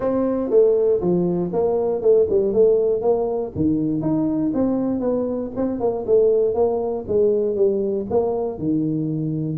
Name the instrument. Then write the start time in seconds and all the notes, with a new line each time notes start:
tuba
0.00 C4
0.50 A3
1.00 F3
1.52 A#3
2.01 A3
2.29 G3
2.53 A3
3.01 A#3
3.55 D#3
4.01 D#4
4.54 C4
5.00 B3
5.56 C4
5.80 A#3
6.06 A3
6.54 A#3
7.07 G#3
7.55 G3
8.10 A#3
8.58 D#3